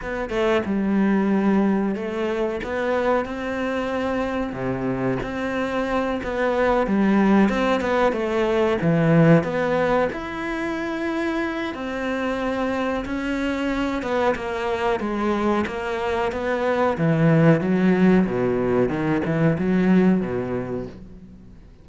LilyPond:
\new Staff \with { instrumentName = "cello" } { \time 4/4 \tempo 4 = 92 b8 a8 g2 a4 | b4 c'2 c4 | c'4. b4 g4 c'8 | b8 a4 e4 b4 e'8~ |
e'2 c'2 | cis'4. b8 ais4 gis4 | ais4 b4 e4 fis4 | b,4 dis8 e8 fis4 b,4 | }